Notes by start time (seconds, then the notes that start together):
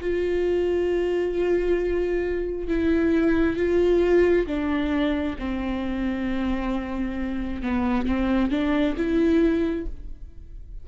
0.00 F4
2.67 E4
3.56 F4
4.46 D4
5.38 C4
7.62 B3
8.06 C4
8.50 D4
8.96 E4